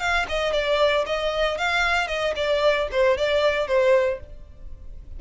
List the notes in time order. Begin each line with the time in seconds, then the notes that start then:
0.00 F5
0.29 D#5
0.53 D5
1.07 D#5
1.58 F5
2.08 D#5
2.36 D5
2.92 C5
3.18 D5
3.68 C5